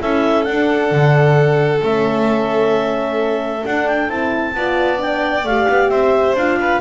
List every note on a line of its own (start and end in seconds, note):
0.00 0.47 C#4
0.00 0.45 E4
0.00 4.56 A4
0.00 0.44 E5
0.44 1.81 D4
0.44 0.91 D4
0.44 1.80 F#5
0.91 1.82 D3
1.82 3.64 A3
1.82 3.63 C#4
1.82 3.66 E5
3.63 4.08 D4
3.63 4.09 D4
3.63 3.88 F#5
3.88 4.10 G5
4.08 4.55 C4
4.08 4.54 E4
4.08 5.01 A5
4.55 5.44 B3
4.55 4.98 F4
4.55 5.91 D5
4.98 5.43 D4
4.98 5.46 G5
5.44 5.67 A3
5.44 6.38 G4
5.44 5.90 F5
5.69 5.89 B3
5.89 6.35 C4
5.89 6.59 C5
5.89 6.35 E5
6.35 6.80 D4
6.35 6.81 F4
6.35 6.81 F5
6.60 6.81 B4